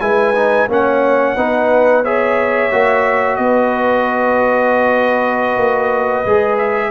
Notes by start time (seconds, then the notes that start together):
0.00 G#3 E4 B4 G#5
0.35 D#4
0.68 A#3 C#4 C#5 F#5
1.36 B3 D#4 B4
2.03 G#4 C#5 E5
2.72 A#3 F#4
3.36 B3 D#5
3.43 B4
5.57 A#3
6.25 G#3 G#4
6.58 E5